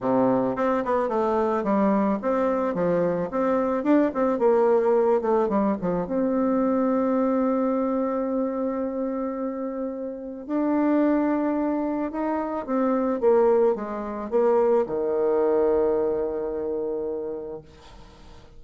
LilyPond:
\new Staff \with { instrumentName = "bassoon" } { \time 4/4 \tempo 4 = 109 c4 c'8 b8 a4 g4 | c'4 f4 c'4 d'8 c'8 | ais4. a8 g8 f8 c'4~ | c'1~ |
c'2. d'4~ | d'2 dis'4 c'4 | ais4 gis4 ais4 dis4~ | dis1 | }